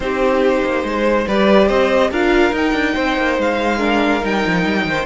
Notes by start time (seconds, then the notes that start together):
0.00 C4 D#4 G4 C5
0.64 A#3
0.83 G#3 C5
1.27 G3 G4 B4 D5
1.67 C4 C5 D#5
2.11 D4 F4 A#4 F5
2.51 D#4 G5
2.72 D4
2.94 C4 C5
3.17 A#3
3.37 G#3 F5
3.77 D4 A#4
4.21 G3 D#4 G5
4.46 F3
4.64 G3
4.85 D#3 C5